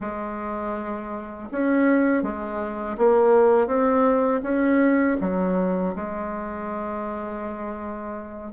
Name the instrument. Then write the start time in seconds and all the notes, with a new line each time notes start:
bassoon
0.00 G#3
1.51 C#4
2.22 G#3
2.97 A#3
3.67 C4
4.42 C#4
5.21 F#3
5.95 G#3